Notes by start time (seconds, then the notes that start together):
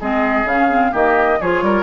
0.00 G#3 C4 G#4 D#5
0.44 C#3 C#4 F5
0.69 C4
0.91 D#3 A#3 G4 D#5
1.40 F3 F4 G#4 C#5
1.62 G3 A#4